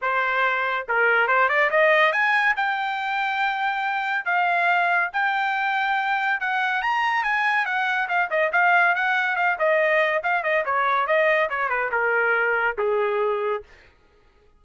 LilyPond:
\new Staff \with { instrumentName = "trumpet" } { \time 4/4 \tempo 4 = 141 c''2 ais'4 c''8 d''8 | dis''4 gis''4 g''2~ | g''2 f''2 | g''2. fis''4 |
ais''4 gis''4 fis''4 f''8 dis''8 | f''4 fis''4 f''8 dis''4. | f''8 dis''8 cis''4 dis''4 cis''8 b'8 | ais'2 gis'2 | }